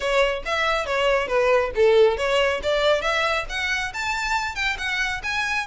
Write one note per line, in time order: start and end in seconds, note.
0.00 0.43 C#5
0.45 0.86 E5
0.86 1.27 C#5
1.27 1.71 B4
1.75 2.17 A4
2.17 2.60 C#5
2.62 3.01 D5
3.01 3.45 E5
3.49 3.92 F#5
3.93 4.55 A5
4.55 4.76 G5
4.78 5.21 F#5
5.23 5.66 G#5